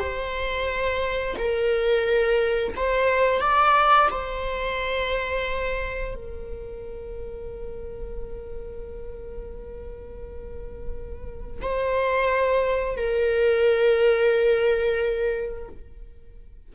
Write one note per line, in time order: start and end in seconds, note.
0.00 1.36 C5
1.38 2.75 A#4
2.76 3.41 C5
3.41 4.09 D5
4.11 6.15 C5
6.15 11.61 A#4
11.62 12.97 C5
12.97 15.69 A#4